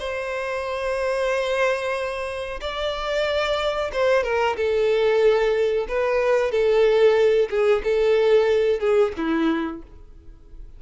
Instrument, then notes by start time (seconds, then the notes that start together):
violin
0.00 C5
2.61 D5
3.93 C5
4.24 A#4
4.57 A4
5.88 B4
6.52 A4
7.50 G#4
7.84 A4
8.80 G#4
9.17 E4